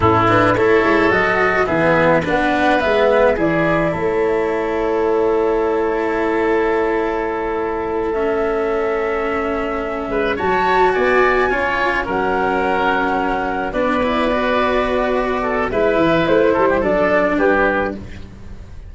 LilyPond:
<<
  \new Staff \with { instrumentName = "flute" } { \time 4/4 \tempo 4 = 107 a'8 b'8 cis''4 dis''4 e''4 | fis''4 e''4 d''4 cis''4~ | cis''1~ | cis''2~ cis''8 e''4.~ |
e''2~ e''8 a''4 gis''8~ | gis''4. fis''2~ fis''8~ | fis''8 d''2.~ d''8 | e''4 c''4 d''4 b'4 | }
  \new Staff \with { instrumentName = "oboe" } { \time 4/4 e'4 a'2 gis'4 | b'2 gis'4 a'4~ | a'1~ | a'1~ |
a'2 b'8 cis''4 d''8~ | d''8 cis''4 ais'2~ ais'8~ | ais'8 b'2. a'8 | b'4. a'16 g'16 a'4 g'4 | }
  \new Staff \with { instrumentName = "cello" } { \time 4/4 cis'8 d'8 e'4 fis'4 b4 | d'4 b4 e'2~ | e'1~ | e'2~ e'8 cis'4.~ |
cis'2~ cis'8 fis'4.~ | fis'8 f'4 cis'2~ cis'8~ | cis'8 d'8 e'8 fis'2~ fis'8 | e'2 d'2 | }
  \new Staff \with { instrumentName = "tuba" } { \time 4/4 a,4 a8 gis8 fis4 e4 | b4 gis4 e4 a4~ | a1~ | a1~ |
a2 gis8 fis4 b8~ | b8 cis'4 fis2~ fis8~ | fis8 b2.~ b8 | gis8 e8 a8 g8 fis4 g4 | }
>>